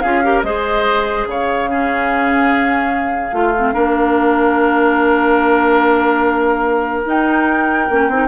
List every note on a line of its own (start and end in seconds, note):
0.00 0.43 C#4
0.00 0.23 F4
0.00 0.23 G#4
0.00 0.41 F5
0.23 0.44 G4
0.23 0.45 A#4
0.42 1.26 G#3
0.42 1.69 G#4
0.42 1.28 C5
0.42 1.25 D#5
1.25 3.32 C#3
1.25 1.70 C#5
1.25 7.04 F5
1.69 3.32 C#4
1.69 3.35 G#4
3.32 3.73 A3
3.32 3.53 F4
3.32 3.73 F4
3.58 3.73 C4
3.73 7.05 A#3
3.73 7.04 D4
3.73 8.27 A#4
7.05 7.88 D#4
7.05 8.27 G5
7.90 8.08 A#3
7.90 8.11 C#4
8.08 8.27 C4
8.08 8.27 D#4